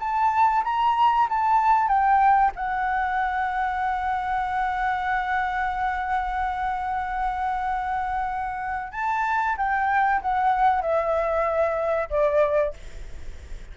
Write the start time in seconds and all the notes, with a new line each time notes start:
0.00 A5
0.64 A#5
1.30 A5
1.88 G5
2.56 F#5
8.92 A5
9.58 G5
10.22 F#5
10.82 E5
12.10 D5